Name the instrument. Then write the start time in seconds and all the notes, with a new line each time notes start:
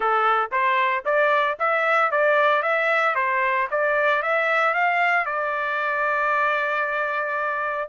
trumpet
0.00 A4
0.51 C5
1.05 D5
1.59 E5
2.11 D5
2.62 E5
3.15 C5
3.70 D5
4.22 E5
4.73 F5
5.25 D5